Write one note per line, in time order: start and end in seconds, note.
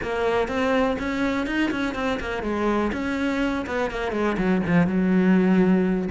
0.02 0.48 A#3
0.48 0.96 C4
0.99 1.46 C#4
1.46 1.70 D#4
1.71 1.94 C#4
1.94 2.19 C4
2.20 2.43 A#3
2.43 2.91 G#3
2.92 3.65 C#4
3.66 3.90 B3
3.90 4.12 A#3
4.12 4.36 G#3
4.37 4.62 F#3
4.66 4.86 F3
4.86 6.08 F#3